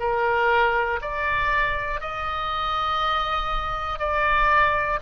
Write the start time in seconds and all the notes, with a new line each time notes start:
0.00 A#4
1.01 D5
2.01 D#5
4.00 D5